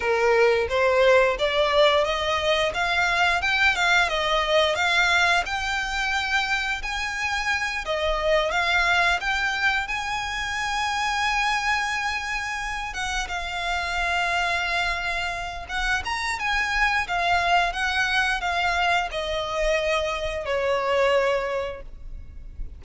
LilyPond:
\new Staff \with { instrumentName = "violin" } { \time 4/4 \tempo 4 = 88 ais'4 c''4 d''4 dis''4 | f''4 g''8 f''8 dis''4 f''4 | g''2 gis''4. dis''8~ | dis''8 f''4 g''4 gis''4.~ |
gis''2. fis''8 f''8~ | f''2. fis''8 ais''8 | gis''4 f''4 fis''4 f''4 | dis''2 cis''2 | }